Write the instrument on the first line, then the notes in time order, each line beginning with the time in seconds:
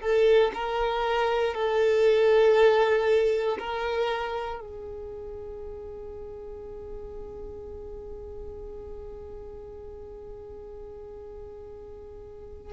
violin
0.00 A4
0.54 A#4
1.54 A4
3.59 A#4
4.60 G#4